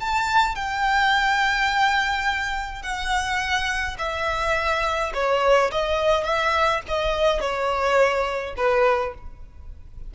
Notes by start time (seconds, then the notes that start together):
0.00 A5
0.55 G5
2.82 F#5
3.98 E5
5.14 C#5
5.71 D#5
6.24 E5
6.88 D#5
7.40 C#5
8.57 B4